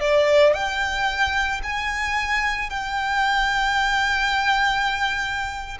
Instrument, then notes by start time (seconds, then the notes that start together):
violin
0.00 D5
0.54 G5
1.63 G#5
2.70 G5